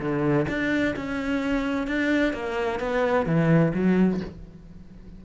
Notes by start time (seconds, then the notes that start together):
0.00 D3
0.49 D4
0.96 C#4
1.87 D4
2.33 A#3
2.80 B3
3.26 E3
3.74 F#3